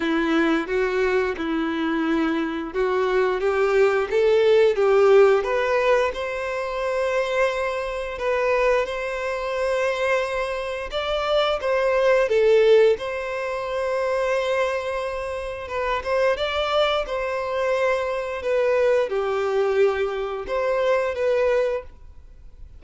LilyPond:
\new Staff \with { instrumentName = "violin" } { \time 4/4 \tempo 4 = 88 e'4 fis'4 e'2 | fis'4 g'4 a'4 g'4 | b'4 c''2. | b'4 c''2. |
d''4 c''4 a'4 c''4~ | c''2. b'8 c''8 | d''4 c''2 b'4 | g'2 c''4 b'4 | }